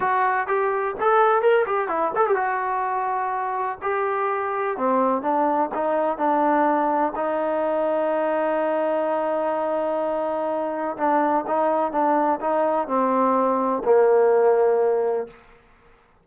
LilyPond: \new Staff \with { instrumentName = "trombone" } { \time 4/4 \tempo 4 = 126 fis'4 g'4 a'4 ais'8 g'8 | e'8 a'16 g'16 fis'2. | g'2 c'4 d'4 | dis'4 d'2 dis'4~ |
dis'1~ | dis'2. d'4 | dis'4 d'4 dis'4 c'4~ | c'4 ais2. | }